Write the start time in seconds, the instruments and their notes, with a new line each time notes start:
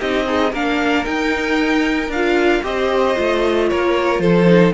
0.00 cello C4, viola D#4, violin G4 D#5
0.26 violin D#4, viola G#4
0.52 cello A#3, viola D4, violin A#4 F5
1.06 viola D#4, cello D#4, violin G5
2.09 cello D4, violin F5
2.16 viola F4
2.63 cello C4, viola G4, violin C5 D#5
3.15 cello A3, viola F4
3.70 cello A#3, violin A#4 C#5
4.19 cello F3, violin A4 C5
4.47 viola D#4